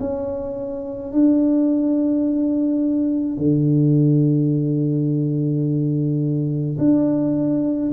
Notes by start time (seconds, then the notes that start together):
0.00 C#4
1.12 D4
3.38 D3
6.78 D4